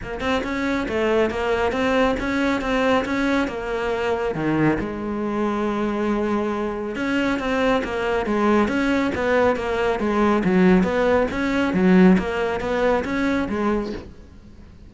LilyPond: \new Staff \with { instrumentName = "cello" } { \time 4/4 \tempo 4 = 138 ais8 c'8 cis'4 a4 ais4 | c'4 cis'4 c'4 cis'4 | ais2 dis4 gis4~ | gis1 |
cis'4 c'4 ais4 gis4 | cis'4 b4 ais4 gis4 | fis4 b4 cis'4 fis4 | ais4 b4 cis'4 gis4 | }